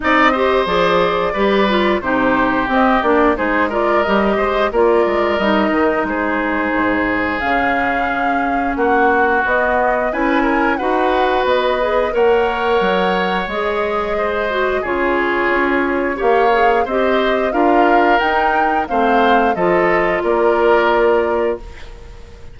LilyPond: <<
  \new Staff \with { instrumentName = "flute" } { \time 4/4 \tempo 4 = 89 dis''4 d''2 c''4 | dis''8 d''8 c''8 d''8 dis''4 d''4 | dis''4 c''2 f''4~ | f''4 fis''4 dis''4 gis''4 |
fis''4 dis''4 fis''2 | dis''2 cis''2 | f''4 dis''4 f''4 g''4 | f''4 dis''4 d''2 | }
  \new Staff \with { instrumentName = "oboe" } { \time 4/4 d''8 c''4. b'4 g'4~ | g'4 gis'8 ais'4 c''8 ais'4~ | ais'4 gis'2.~ | gis'4 fis'2 b'8 ais'8 |
b'2 cis''2~ | cis''4 c''4 gis'2 | cis''4 c''4 ais'2 | c''4 a'4 ais'2 | }
  \new Staff \with { instrumentName = "clarinet" } { \time 4/4 dis'8 g'8 gis'4 g'8 f'8 dis'4 | c'8 d'8 dis'8 f'8 g'4 f'4 | dis'2. cis'4~ | cis'2 b4 e'4 |
fis'4. gis'8 ais'2 | gis'4. fis'8 f'2 | g'8 gis'8 g'4 f'4 dis'4 | c'4 f'2. | }
  \new Staff \with { instrumentName = "bassoon" } { \time 4/4 c'4 f4 g4 c4 | c'8 ais8 gis4 g8 gis8 ais8 gis8 | g8 dis8 gis4 gis,4 cis4~ | cis4 ais4 b4 cis'4 |
dis'4 b4 ais4 fis4 | gis2 cis4 cis'4 | ais4 c'4 d'4 dis'4 | a4 f4 ais2 | }
>>